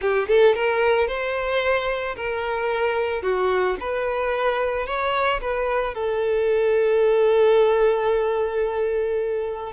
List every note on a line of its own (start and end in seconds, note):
0.01 0.28 G4
0.28 0.54 A4
0.54 1.07 A#4
1.07 2.15 C5
2.15 3.22 A#4
3.22 3.76 F#4
3.80 4.86 B4
4.86 5.40 C#5
5.41 5.94 B4
5.94 9.72 A4